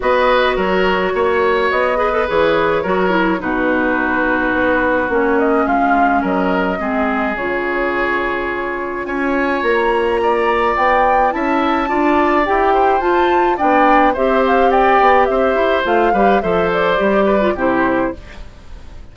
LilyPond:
<<
  \new Staff \with { instrumentName = "flute" } { \time 4/4 \tempo 4 = 106 dis''4 cis''2 dis''4 | cis''2 b'2~ | b'4 cis''8 dis''8 f''4 dis''4~ | dis''4 cis''2. |
gis''4 ais''2 g''4 | a''2 g''4 a''4 | g''4 e''8 f''8 g''4 e''4 | f''4 e''8 d''4. c''4 | }
  \new Staff \with { instrumentName = "oboe" } { \time 4/4 b'4 ais'4 cis''4. b'8~ | b'4 ais'4 fis'2~ | fis'2 f'4 ais'4 | gis'1 |
cis''2 d''2 | e''4 d''4. c''4. | d''4 c''4 d''4 c''4~ | c''8 b'8 c''4. b'8 g'4 | }
  \new Staff \with { instrumentName = "clarinet" } { \time 4/4 fis'2.~ fis'8 gis'16 a'16 | gis'4 fis'8 e'8 dis'2~ | dis'4 cis'2. | c'4 f'2.~ |
f'1 | e'4 f'4 g'4 f'4 | d'4 g'2. | f'8 g'8 a'4 g'8. f'16 e'4 | }
  \new Staff \with { instrumentName = "bassoon" } { \time 4/4 b4 fis4 ais4 b4 | e4 fis4 b,2 | b4 ais4 gis4 fis4 | gis4 cis2. |
cis'4 ais2 b4 | cis'4 d'4 e'4 f'4 | b4 c'4. b8 c'8 e'8 | a8 g8 f4 g4 c4 | }
>>